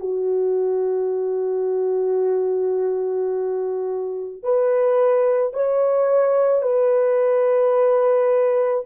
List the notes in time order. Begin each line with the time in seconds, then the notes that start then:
0.00 F#4
4.43 B4
5.54 C#5
6.63 B4